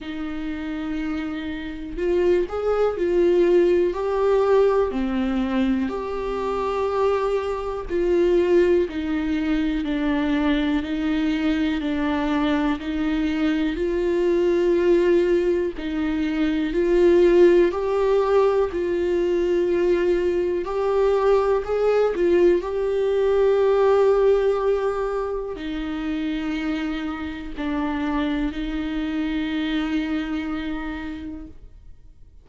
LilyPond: \new Staff \with { instrumentName = "viola" } { \time 4/4 \tempo 4 = 61 dis'2 f'8 gis'8 f'4 | g'4 c'4 g'2 | f'4 dis'4 d'4 dis'4 | d'4 dis'4 f'2 |
dis'4 f'4 g'4 f'4~ | f'4 g'4 gis'8 f'8 g'4~ | g'2 dis'2 | d'4 dis'2. | }